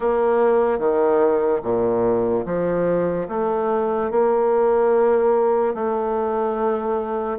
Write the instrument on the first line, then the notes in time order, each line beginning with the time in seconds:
bassoon
0.00 A#3
0.78 D#3
1.63 A#2
2.45 F3
3.28 A3
4.11 A#3
5.74 A3